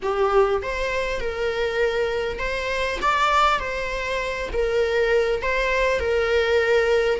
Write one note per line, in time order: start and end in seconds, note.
0.02 0.62 G4
0.62 1.20 C5
1.20 2.38 A#4
2.38 2.98 C5
3.01 3.59 D5
3.59 4.49 C5
4.52 5.41 A#4
5.41 5.99 C5
5.99 7.19 A#4